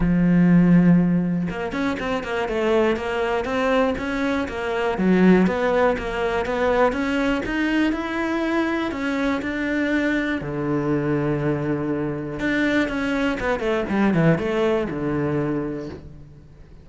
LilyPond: \new Staff \with { instrumentName = "cello" } { \time 4/4 \tempo 4 = 121 f2. ais8 cis'8 | c'8 ais8 a4 ais4 c'4 | cis'4 ais4 fis4 b4 | ais4 b4 cis'4 dis'4 |
e'2 cis'4 d'4~ | d'4 d2.~ | d4 d'4 cis'4 b8 a8 | g8 e8 a4 d2 | }